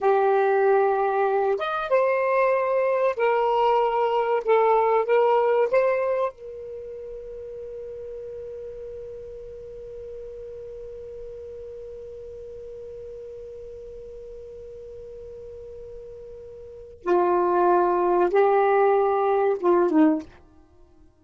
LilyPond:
\new Staff \with { instrumentName = "saxophone" } { \time 4/4 \tempo 4 = 95 g'2~ g'8 dis''8 c''4~ | c''4 ais'2 a'4 | ais'4 c''4 ais'2~ | ais'1~ |
ais'1~ | ais'1~ | ais'2. f'4~ | f'4 g'2 f'8 dis'8 | }